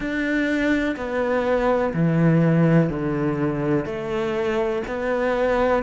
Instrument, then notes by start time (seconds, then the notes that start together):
cello
0.00 D4
0.96 B3
1.93 E3
2.89 D3
3.85 A3
4.87 B3